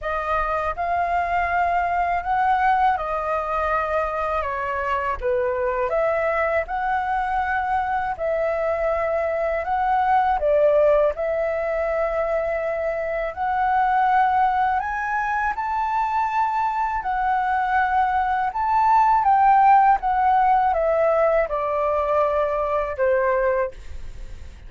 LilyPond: \new Staff \with { instrumentName = "flute" } { \time 4/4 \tempo 4 = 81 dis''4 f''2 fis''4 | dis''2 cis''4 b'4 | e''4 fis''2 e''4~ | e''4 fis''4 d''4 e''4~ |
e''2 fis''2 | gis''4 a''2 fis''4~ | fis''4 a''4 g''4 fis''4 | e''4 d''2 c''4 | }